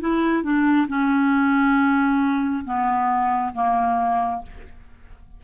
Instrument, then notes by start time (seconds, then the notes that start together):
clarinet
0.00 E4
0.43 D4
0.88 C#4
2.64 B3
3.54 A#3